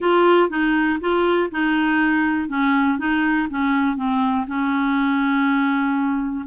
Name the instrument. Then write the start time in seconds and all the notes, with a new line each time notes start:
clarinet
0.00 F4
0.49 D#4
1.00 F4
1.51 D#4
2.48 C#4
2.98 D#4
3.50 C#4
3.96 C4
4.47 C#4